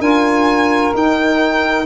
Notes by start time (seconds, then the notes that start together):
0.00 D4 F4 A#4 G#5
0.94 D#4 G5